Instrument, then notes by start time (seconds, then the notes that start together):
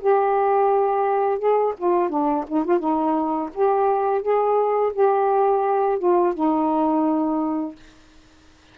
saxophone
0.00 G4
1.39 G#4
1.78 F4
2.09 D4
2.48 D#4
2.64 F4
2.79 D#4
3.54 G4
4.22 G#4
4.93 G4
5.99 F4
6.34 D#4